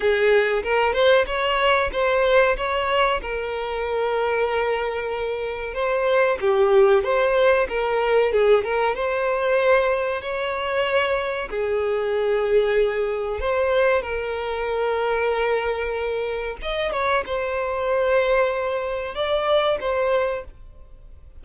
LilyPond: \new Staff \with { instrumentName = "violin" } { \time 4/4 \tempo 4 = 94 gis'4 ais'8 c''8 cis''4 c''4 | cis''4 ais'2.~ | ais'4 c''4 g'4 c''4 | ais'4 gis'8 ais'8 c''2 |
cis''2 gis'2~ | gis'4 c''4 ais'2~ | ais'2 dis''8 cis''8 c''4~ | c''2 d''4 c''4 | }